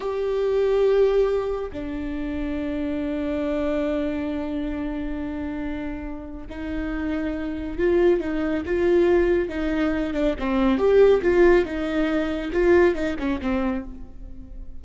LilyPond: \new Staff \with { instrumentName = "viola" } { \time 4/4 \tempo 4 = 139 g'1 | d'1~ | d'1~ | d'2. dis'4~ |
dis'2 f'4 dis'4 | f'2 dis'4. d'8 | c'4 g'4 f'4 dis'4~ | dis'4 f'4 dis'8 cis'8 c'4 | }